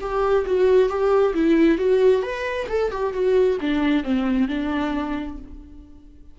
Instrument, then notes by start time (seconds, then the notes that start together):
viola
0.00 G4
0.46 F#4
0.89 G4
1.34 E4
1.78 F#4
2.22 B4
2.68 A4
2.91 G4
3.13 F#4
3.61 D4
4.03 C4
4.48 D4